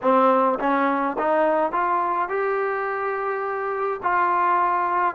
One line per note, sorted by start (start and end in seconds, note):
0.02 0.59 C4
0.59 1.16 C#4
1.18 1.72 D#4
1.72 2.29 F4
2.29 4.00 G4
4.02 5.15 F4